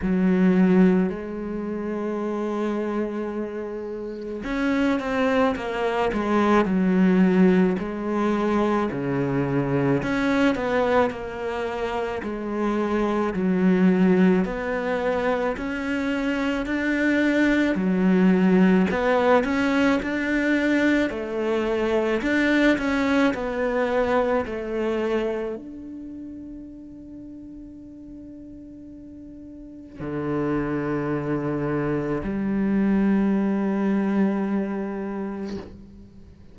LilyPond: \new Staff \with { instrumentName = "cello" } { \time 4/4 \tempo 4 = 54 fis4 gis2. | cis'8 c'8 ais8 gis8 fis4 gis4 | cis4 cis'8 b8 ais4 gis4 | fis4 b4 cis'4 d'4 |
fis4 b8 cis'8 d'4 a4 | d'8 cis'8 b4 a4 d'4~ | d'2. d4~ | d4 g2. | }